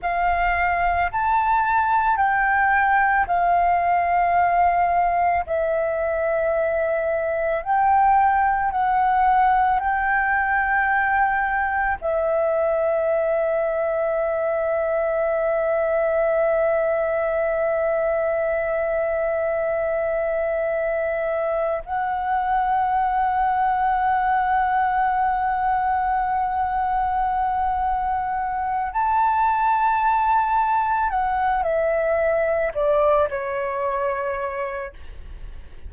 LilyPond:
\new Staff \with { instrumentName = "flute" } { \time 4/4 \tempo 4 = 55 f''4 a''4 g''4 f''4~ | f''4 e''2 g''4 | fis''4 g''2 e''4~ | e''1~ |
e''1 | fis''1~ | fis''2~ fis''8 a''4.~ | a''8 fis''8 e''4 d''8 cis''4. | }